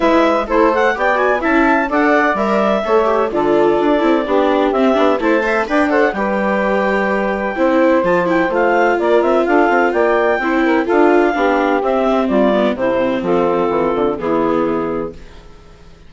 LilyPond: <<
  \new Staff \with { instrumentName = "clarinet" } { \time 4/4 \tempo 4 = 127 e''4 e'8 fis''8 g''8 gis''8 a''4 | fis''4 e''2 d''4~ | d''2 e''4 a''4 | g''8 fis''8 g''2.~ |
g''4 a''8 g''8 f''4 d''8 e''8 | f''4 g''2 f''4~ | f''4 e''4 d''4 c''4 | a'2 gis'2 | }
  \new Staff \with { instrumentName = "saxophone" } { \time 4/4 b'4 c''4 d''4 e''4 | d''2 cis''4 a'4~ | a'4 g'2 c''8 e''8 | d''8 c''8 b'2. |
c''2. ais'4 | a'4 d''4 c''8 ais'8 a'4 | g'2 f'4 e'4 | f'2 e'2 | }
  \new Staff \with { instrumentName = "viola" } { \time 4/4 e'4 a'4 g'8 fis'8 e'4 | a'4 ais'4 a'8 g'8 f'4~ | f'8 e'8 d'4 c'8 d'8 e'8 c''8 | b'8 a'8 g'2. |
e'4 f'8 e'8 f'2~ | f'2 e'4 f'4 | d'4 c'4. b8 c'4~ | c'2 b2 | }
  \new Staff \with { instrumentName = "bassoon" } { \time 4/4 gis4 a4 b4 cis'4 | d'4 g4 a4 d4 | d'8 c'8 b4 c'8 b8 a4 | d'4 g2. |
c'4 f4 a4 ais8 c'8 | d'8 c'8 ais4 c'4 d'4 | b4 c'4 g4 c4 | f4 e8 d8 e2 | }
>>